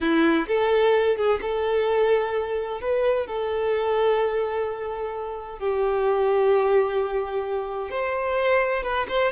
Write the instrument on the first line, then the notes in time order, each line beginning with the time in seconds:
violin
0.00 E4
0.47 A4
1.16 G#4
1.41 A4
2.81 B4
3.26 A4
5.59 G4
7.90 C5
8.83 B4
9.08 C5